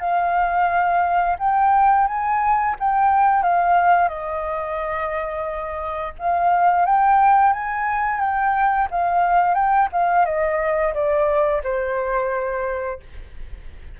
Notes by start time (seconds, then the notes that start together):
0.00 F5
1.39 G5
2.07 G#5
2.80 G5
3.43 F5
4.08 D#5
6.19 F5
6.86 G5
7.53 G#5
8.20 G5
8.91 F5
9.55 G5
9.92 F5
10.26 D#5
10.94 D5
11.64 C5